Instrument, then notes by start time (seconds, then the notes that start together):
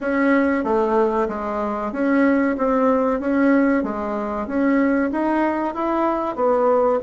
bassoon
0.01 C#4
0.64 A3
1.28 G#3
1.92 C#4
2.57 C4
3.19 C#4
3.83 G#3
4.47 C#4
5.11 D#4
5.74 E4
6.35 B3